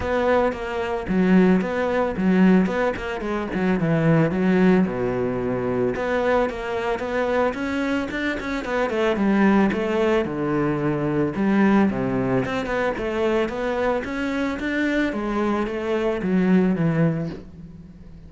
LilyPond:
\new Staff \with { instrumentName = "cello" } { \time 4/4 \tempo 4 = 111 b4 ais4 fis4 b4 | fis4 b8 ais8 gis8 fis8 e4 | fis4 b,2 b4 | ais4 b4 cis'4 d'8 cis'8 |
b8 a8 g4 a4 d4~ | d4 g4 c4 c'8 b8 | a4 b4 cis'4 d'4 | gis4 a4 fis4 e4 | }